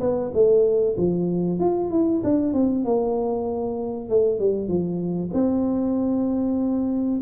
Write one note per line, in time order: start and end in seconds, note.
0.00 0.31 B3
0.33 0.96 A3
0.97 1.59 F3
1.59 1.90 F4
1.90 2.22 E4
2.24 2.53 D4
2.53 2.84 C4
2.84 4.09 A#3
4.09 4.39 A3
4.39 4.68 G3
4.68 5.30 F3
5.33 7.20 C4